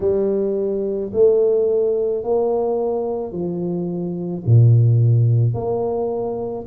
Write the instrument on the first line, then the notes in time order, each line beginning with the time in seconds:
tuba
0.00 G3
1.13 A3
2.23 A#3
3.32 F3
4.45 A#2
5.54 A#3